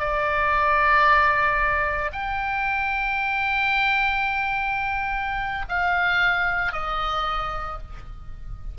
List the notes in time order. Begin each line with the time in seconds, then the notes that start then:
0.00 D5
2.13 G5
5.70 F5
6.73 D#5